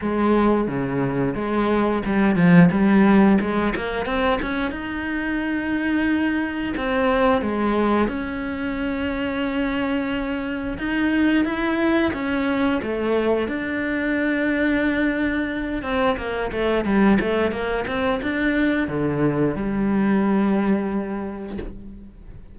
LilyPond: \new Staff \with { instrumentName = "cello" } { \time 4/4 \tempo 4 = 89 gis4 cis4 gis4 g8 f8 | g4 gis8 ais8 c'8 cis'8 dis'4~ | dis'2 c'4 gis4 | cis'1 |
dis'4 e'4 cis'4 a4 | d'2.~ d'8 c'8 | ais8 a8 g8 a8 ais8 c'8 d'4 | d4 g2. | }